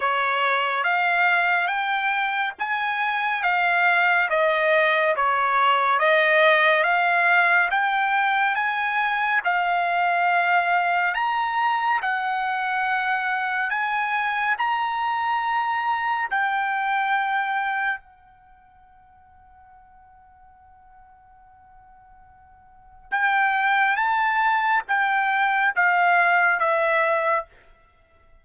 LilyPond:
\new Staff \with { instrumentName = "trumpet" } { \time 4/4 \tempo 4 = 70 cis''4 f''4 g''4 gis''4 | f''4 dis''4 cis''4 dis''4 | f''4 g''4 gis''4 f''4~ | f''4 ais''4 fis''2 |
gis''4 ais''2 g''4~ | g''4 fis''2.~ | fis''2. g''4 | a''4 g''4 f''4 e''4 | }